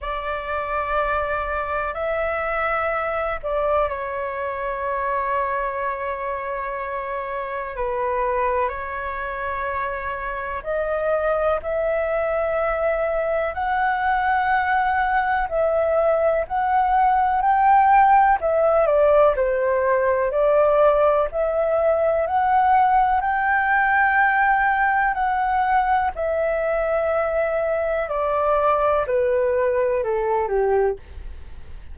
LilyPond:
\new Staff \with { instrumentName = "flute" } { \time 4/4 \tempo 4 = 62 d''2 e''4. d''8 | cis''1 | b'4 cis''2 dis''4 | e''2 fis''2 |
e''4 fis''4 g''4 e''8 d''8 | c''4 d''4 e''4 fis''4 | g''2 fis''4 e''4~ | e''4 d''4 b'4 a'8 g'8 | }